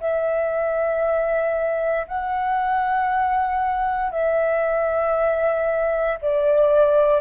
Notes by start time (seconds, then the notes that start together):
0.00 E5
2.08 F#5
4.12 E5
6.22 D5